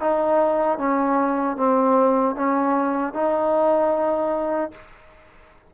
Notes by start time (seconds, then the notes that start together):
0.00 D#4
0.78 C#4
1.56 C4
2.35 C#4
3.13 D#4